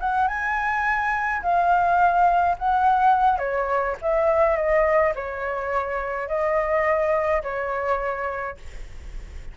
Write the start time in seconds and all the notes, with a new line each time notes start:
0.00 F#5
0.28 G#5
1.42 F5
2.59 F#5
3.39 C#5
4.02 E5
4.56 D#5
5.15 C#5
6.28 D#5
7.43 C#5